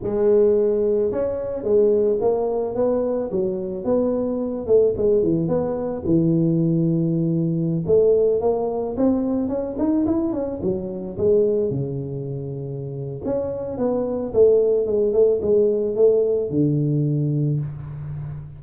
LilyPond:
\new Staff \with { instrumentName = "tuba" } { \time 4/4 \tempo 4 = 109 gis2 cis'4 gis4 | ais4 b4 fis4 b4~ | b8 a8 gis8 e8 b4 e4~ | e2~ e16 a4 ais8.~ |
ais16 c'4 cis'8 dis'8 e'8 cis'8 fis8.~ | fis16 gis4 cis2~ cis8. | cis'4 b4 a4 gis8 a8 | gis4 a4 d2 | }